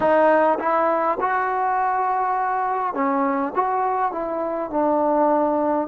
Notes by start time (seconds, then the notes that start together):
0.00 D#4
0.59 E4
1.20 F#4
2.94 C#4
3.55 F#4
4.12 E4
4.70 D4